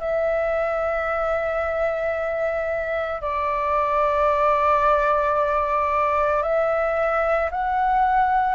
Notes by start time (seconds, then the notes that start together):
0.00 E5
3.21 D5
6.43 E5
7.51 F#5